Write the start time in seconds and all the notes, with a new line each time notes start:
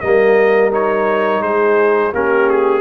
0.00 G3 A#3 A#4 D#5
0.71 D#4 C#5
1.40 G#3 G#4 C5
2.13 A#3 C#4 G4 A#4
2.49 G#4